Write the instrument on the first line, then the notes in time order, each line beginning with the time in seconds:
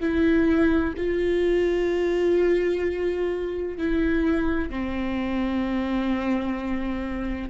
viola
0.00 E4
0.97 F4
3.78 E4
4.70 C4